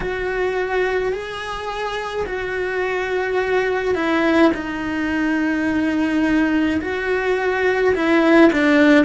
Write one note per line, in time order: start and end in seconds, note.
0.00 1.12 F#4
1.13 2.26 G#4
2.26 3.95 F#4
3.95 4.51 E4
4.54 6.80 D#4
6.81 7.94 F#4
7.95 8.51 E4
8.52 9.05 D4